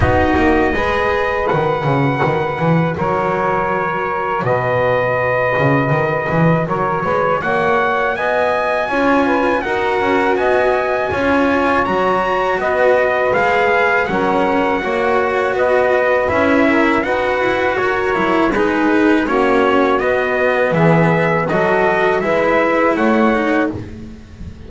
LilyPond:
<<
  \new Staff \with { instrumentName = "trumpet" } { \time 4/4 \tempo 4 = 81 dis''2 fis''2 | cis''2 dis''2~ | dis''4 cis''4 fis''4 gis''4~ | gis''4 fis''4 gis''2 |
ais''4 dis''4 f''4 fis''4~ | fis''4 dis''4 e''4 fis''4 | cis''4 b'4 cis''4 dis''4 | e''4 dis''4 e''4 fis''4 | }
  \new Staff \with { instrumentName = "saxophone" } { \time 4/4 fis'4 b'2. | ais'2 b'2~ | b'4 ais'8 b'8 cis''4 dis''4 | cis''8 b'8 ais'4 dis''4 cis''4~ |
cis''4 b'2 ais'4 | cis''4 b'4. ais'8 b'4 | ais'4 gis'4 fis'2 | gis'4 a'4 b'4 cis''4 | }
  \new Staff \with { instrumentName = "cello" } { \time 4/4 dis'4 gis'4 fis'2~ | fis'1~ | fis'1 | f'4 fis'2 f'4 |
fis'2 gis'4 cis'4 | fis'2 e'4 fis'4~ | fis'8 e'8 dis'4 cis'4 b4~ | b4 fis'4 e'4. dis'8 | }
  \new Staff \with { instrumentName = "double bass" } { \time 4/4 b8 ais8 gis4 dis8 cis8 dis8 e8 | fis2 b,4. cis8 | dis8 e8 fis8 gis8 ais4 b4 | cis'4 dis'8 cis'8 b4 cis'4 |
fis4 b4 gis4 fis4 | ais4 b4 cis'4 dis'8 e'8 | fis'8 fis8 gis4 ais4 b4 | e4 fis4 gis4 a4 | }
>>